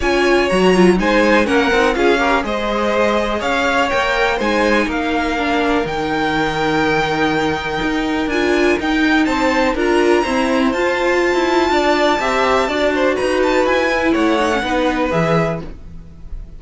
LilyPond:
<<
  \new Staff \with { instrumentName = "violin" } { \time 4/4 \tempo 4 = 123 gis''4 ais''4 gis''4 fis''4 | f''4 dis''2 f''4 | g''4 gis''4 f''2 | g''1~ |
g''4 gis''4 g''4 a''4 | ais''2 a''2~ | a''2. ais''8 a''8 | gis''4 fis''2 e''4 | }
  \new Staff \with { instrumentName = "violin" } { \time 4/4 cis''2 c''4 ais'4 | gis'8 ais'8 c''2 cis''4~ | cis''4 c''4 ais'2~ | ais'1~ |
ais'2. c''4 | ais'4 c''2. | d''4 e''4 d''8 c''8 b'4~ | b'4 cis''4 b'2 | }
  \new Staff \with { instrumentName = "viola" } { \time 4/4 f'4 fis'8 f'8 dis'4 cis'8 dis'8 | f'8 g'8 gis'2. | ais'4 dis'2 d'4 | dis'1~ |
dis'4 f'4 dis'2 | f'4 c'4 f'2~ | f'4 g'4 fis'2~ | fis'8 e'4 dis'16 cis'16 dis'4 gis'4 | }
  \new Staff \with { instrumentName = "cello" } { \time 4/4 cis'4 fis4 gis4 ais8 c'8 | cis'4 gis2 cis'4 | ais4 gis4 ais2 | dis1 |
dis'4 d'4 dis'4 c'4 | d'4 e'4 f'4~ f'16 e'8. | d'4 c'4 d'4 dis'4 | e'4 a4 b4 e4 | }
>>